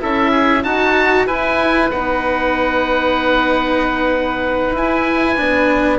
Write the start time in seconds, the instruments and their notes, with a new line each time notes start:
0.00 bassoon C#4, cello E4, oboe A4 E5
0.31 oboe G#4
0.63 bassoon D#4, oboe F#4 A5, cello F#4
1.26 bassoon E4, cello E4, oboe B4 G#5
1.90 bassoon B3, cello D#4, oboe F#5
4.71 bassoon E4, cello E4, oboe G#5
5.36 bassoon B3, cello D4